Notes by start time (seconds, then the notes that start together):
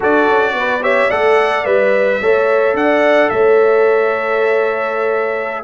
0.00 D4 F#4 A4 D5
0.28 C#4
0.53 B3 B4
0.82 G4 C#5 E5
1.08 A3 A4 D5 F#5
1.65 G3 B4 E5
2.21 A3 A4 C#5
2.73 D4 D5 F#5
3.29 A3 C#5 E5